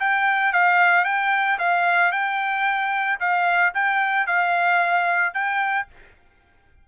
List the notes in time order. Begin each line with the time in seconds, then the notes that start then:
0.00 G5
0.53 F5
1.05 G5
1.59 F5
2.12 G5
3.20 F5
3.75 G5
4.27 F5
5.34 G5